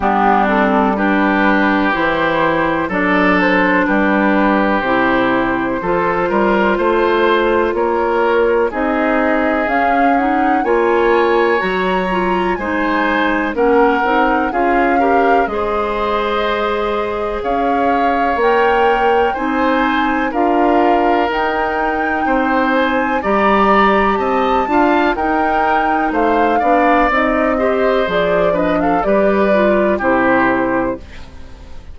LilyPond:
<<
  \new Staff \with { instrumentName = "flute" } { \time 4/4 \tempo 4 = 62 g'8 a'8 b'4 c''4 d''8 c''8 | b'4 c''2. | cis''4 dis''4 f''8 fis''8 gis''4 | ais''4 gis''4 fis''4 f''4 |
dis''2 f''4 g''4 | gis''4 f''4 g''4. gis''8 | ais''4 a''4 g''4 f''4 | dis''4 d''8 dis''16 f''16 d''4 c''4 | }
  \new Staff \with { instrumentName = "oboe" } { \time 4/4 d'4 g'2 a'4 | g'2 a'8 ais'8 c''4 | ais'4 gis'2 cis''4~ | cis''4 c''4 ais'4 gis'8 ais'8 |
c''2 cis''2 | c''4 ais'2 c''4 | d''4 dis''8 f''8 ais'4 c''8 d''8~ | d''8 c''4 b'16 a'16 b'4 g'4 | }
  \new Staff \with { instrumentName = "clarinet" } { \time 4/4 b8 c'8 d'4 e'4 d'4~ | d'4 e'4 f'2~ | f'4 dis'4 cis'8 dis'8 f'4 | fis'8 f'8 dis'4 cis'8 dis'8 f'8 g'8 |
gis'2. ais'4 | dis'4 f'4 dis'2 | g'4. f'8 dis'4. d'8 | dis'8 g'8 gis'8 d'8 g'8 f'8 e'4 | }
  \new Staff \with { instrumentName = "bassoon" } { \time 4/4 g2 e4 fis4 | g4 c4 f8 g8 a4 | ais4 c'4 cis'4 ais4 | fis4 gis4 ais8 c'8 cis'4 |
gis2 cis'4 ais4 | c'4 d'4 dis'4 c'4 | g4 c'8 d'8 dis'4 a8 b8 | c'4 f4 g4 c4 | }
>>